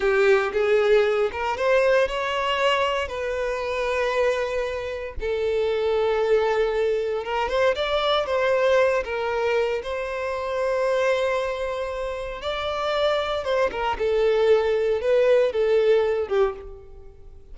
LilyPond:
\new Staff \with { instrumentName = "violin" } { \time 4/4 \tempo 4 = 116 g'4 gis'4. ais'8 c''4 | cis''2 b'2~ | b'2 a'2~ | a'2 ais'8 c''8 d''4 |
c''4. ais'4. c''4~ | c''1 | d''2 c''8 ais'8 a'4~ | a'4 b'4 a'4. g'8 | }